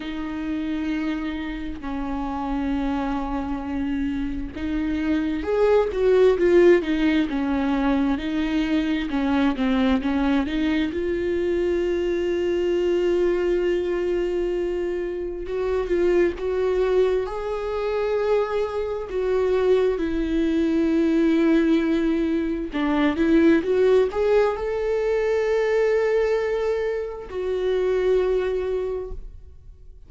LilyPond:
\new Staff \with { instrumentName = "viola" } { \time 4/4 \tempo 4 = 66 dis'2 cis'2~ | cis'4 dis'4 gis'8 fis'8 f'8 dis'8 | cis'4 dis'4 cis'8 c'8 cis'8 dis'8 | f'1~ |
f'4 fis'8 f'8 fis'4 gis'4~ | gis'4 fis'4 e'2~ | e'4 d'8 e'8 fis'8 gis'8 a'4~ | a'2 fis'2 | }